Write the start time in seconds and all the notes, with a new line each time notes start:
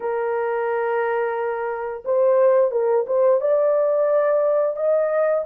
0.00 A#4
2.05 C5
2.71 A#4
3.07 C5
3.41 D5
4.76 D#5